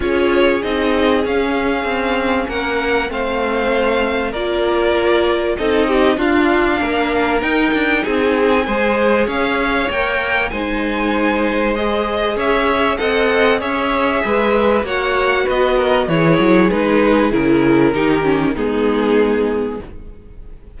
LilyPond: <<
  \new Staff \with { instrumentName = "violin" } { \time 4/4 \tempo 4 = 97 cis''4 dis''4 f''2 | fis''4 f''2 d''4~ | d''4 dis''4 f''2 | g''4 gis''2 f''4 |
g''4 gis''2 dis''4 | e''4 fis''4 e''2 | fis''4 dis''4 cis''4 b'4 | ais'2 gis'2 | }
  \new Staff \with { instrumentName = "violin" } { \time 4/4 gis'1 | ais'4 c''2 ais'4~ | ais'4 a'8 g'8 f'4 ais'4~ | ais'4 gis'4 c''4 cis''4~ |
cis''4 c''2. | cis''4 dis''4 cis''4 b'4 | cis''4 b'8 ais'8 gis'2~ | gis'4 g'4 dis'2 | }
  \new Staff \with { instrumentName = "viola" } { \time 4/4 f'4 dis'4 cis'2~ | cis'4 c'2 f'4~ | f'4 dis'4 d'2 | dis'2 gis'2 |
ais'4 dis'2 gis'4~ | gis'4 a'4 gis'2 | fis'2 e'4 dis'4 | e'4 dis'8 cis'8 b2 | }
  \new Staff \with { instrumentName = "cello" } { \time 4/4 cis'4 c'4 cis'4 c'4 | ais4 a2 ais4~ | ais4 c'4 d'4 ais4 | dis'8 d'8 c'4 gis4 cis'4 |
ais4 gis2. | cis'4 c'4 cis'4 gis4 | ais4 b4 e8 fis8 gis4 | cis4 dis4 gis2 | }
>>